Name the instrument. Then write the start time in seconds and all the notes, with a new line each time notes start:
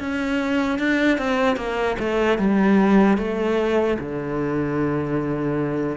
cello
0.00 C#4
0.79 D4
1.18 C4
1.57 A#3
1.99 A3
2.39 G3
3.17 A3
3.99 D3